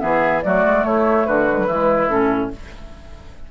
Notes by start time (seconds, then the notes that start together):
0.00 E3 B3 G#4 E5
0.42 F#3 A3 F#4 D5
0.66 G#3
0.84 A3 E4 C#5
1.26 D3 F#4 B4
1.51 G#3
1.59 F#3
1.67 E3 G#3 E4
2.09 A2 C#4 A4